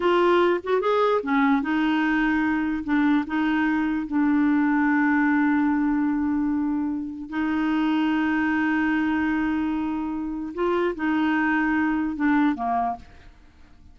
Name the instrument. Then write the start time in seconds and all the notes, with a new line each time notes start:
clarinet
0.00 F4
0.63 F#4
0.80 G#4
1.22 C#4
1.62 D#4
2.84 D4
3.26 D#4
4.06 D4
7.29 D#4
10.54 F4
10.95 D#4
12.15 D4
12.55 A#3